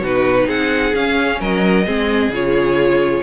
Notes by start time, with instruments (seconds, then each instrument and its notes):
0.00 cello B2, viola D#4, violin F#4 B4
0.46 cello C4, violin G#4 F#5
0.94 viola C#4, cello C#4, violin F5
1.40 cello F#3, violin A#4 D#5
1.86 cello G#3, viola C4, violin G#4
2.29 cello C#3, viola F4, violin C#5